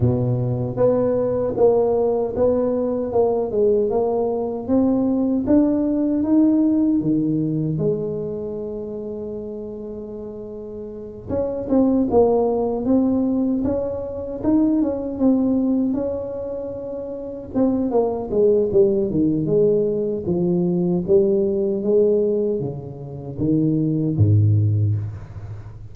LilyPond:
\new Staff \with { instrumentName = "tuba" } { \time 4/4 \tempo 4 = 77 b,4 b4 ais4 b4 | ais8 gis8 ais4 c'4 d'4 | dis'4 dis4 gis2~ | gis2~ gis8 cis'8 c'8 ais8~ |
ais8 c'4 cis'4 dis'8 cis'8 c'8~ | c'8 cis'2 c'8 ais8 gis8 | g8 dis8 gis4 f4 g4 | gis4 cis4 dis4 gis,4 | }